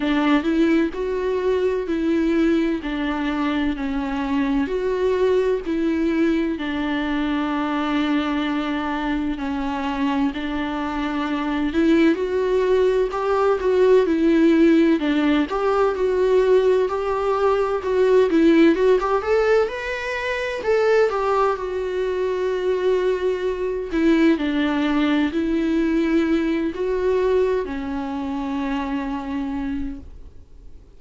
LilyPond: \new Staff \with { instrumentName = "viola" } { \time 4/4 \tempo 4 = 64 d'8 e'8 fis'4 e'4 d'4 | cis'4 fis'4 e'4 d'4~ | d'2 cis'4 d'4~ | d'8 e'8 fis'4 g'8 fis'8 e'4 |
d'8 g'8 fis'4 g'4 fis'8 e'8 | fis'16 g'16 a'8 b'4 a'8 g'8 fis'4~ | fis'4. e'8 d'4 e'4~ | e'8 fis'4 cis'2~ cis'8 | }